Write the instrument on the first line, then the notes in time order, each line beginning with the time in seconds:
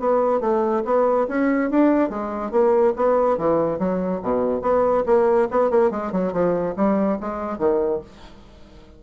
bassoon
0.00 B3
0.41 A3
0.85 B3
1.28 C#4
1.71 D4
2.10 G#3
2.52 A#3
2.97 B3
3.38 E3
3.79 F#3
4.23 B2
4.62 B3
5.06 A#3
5.51 B3
5.71 A#3
5.91 G#3
6.12 F#3
6.33 F3
6.77 G3
7.21 G#3
7.59 D#3